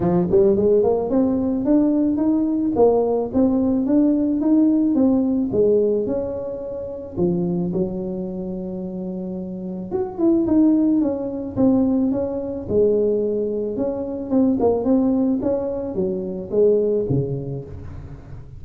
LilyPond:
\new Staff \with { instrumentName = "tuba" } { \time 4/4 \tempo 4 = 109 f8 g8 gis8 ais8 c'4 d'4 | dis'4 ais4 c'4 d'4 | dis'4 c'4 gis4 cis'4~ | cis'4 f4 fis2~ |
fis2 fis'8 e'8 dis'4 | cis'4 c'4 cis'4 gis4~ | gis4 cis'4 c'8 ais8 c'4 | cis'4 fis4 gis4 cis4 | }